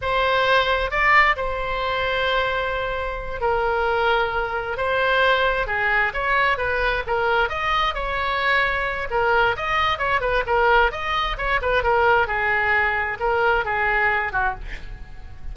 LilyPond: \new Staff \with { instrumentName = "oboe" } { \time 4/4 \tempo 4 = 132 c''2 d''4 c''4~ | c''2.~ c''8 ais'8~ | ais'2~ ais'8 c''4.~ | c''8 gis'4 cis''4 b'4 ais'8~ |
ais'8 dis''4 cis''2~ cis''8 | ais'4 dis''4 cis''8 b'8 ais'4 | dis''4 cis''8 b'8 ais'4 gis'4~ | gis'4 ais'4 gis'4. fis'8 | }